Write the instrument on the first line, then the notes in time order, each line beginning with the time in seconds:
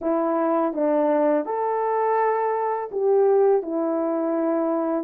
horn
0.01 E4
0.73 D4
1.45 A4
2.91 G4
3.62 E4